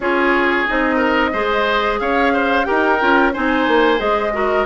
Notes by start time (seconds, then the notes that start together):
0.00 C#4 F4 G#4 C#5
0.67 C4 D#4 D#5
0.96 A#4
1.32 G#3 G#4 C5
1.99 C#4 C#5 F5
2.33 C5
2.64 D#4 G4 A#4 G5
3.00 C#4 F4
3.33 C4 D#4 C5 G#5
3.67 A#3
3.97 G#3 G#4 D#5
4.32 F#4 A#4